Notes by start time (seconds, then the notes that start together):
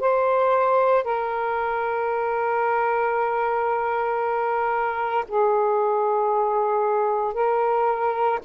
0.00 C5
1.04 A#4
5.28 G#4
7.34 A#4